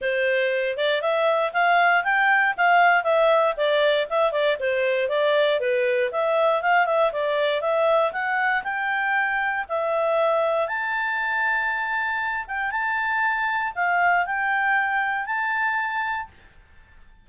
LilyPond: \new Staff \with { instrumentName = "clarinet" } { \time 4/4 \tempo 4 = 118 c''4. d''8 e''4 f''4 | g''4 f''4 e''4 d''4 | e''8 d''8 c''4 d''4 b'4 | e''4 f''8 e''8 d''4 e''4 |
fis''4 g''2 e''4~ | e''4 a''2.~ | a''8 g''8 a''2 f''4 | g''2 a''2 | }